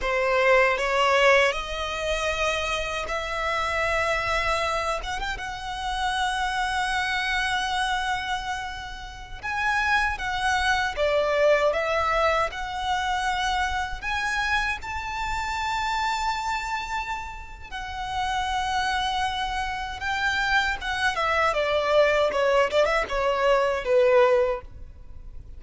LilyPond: \new Staff \with { instrumentName = "violin" } { \time 4/4 \tempo 4 = 78 c''4 cis''4 dis''2 | e''2~ e''8 fis''16 g''16 fis''4~ | fis''1~ | fis''16 gis''4 fis''4 d''4 e''8.~ |
e''16 fis''2 gis''4 a''8.~ | a''2. fis''4~ | fis''2 g''4 fis''8 e''8 | d''4 cis''8 d''16 e''16 cis''4 b'4 | }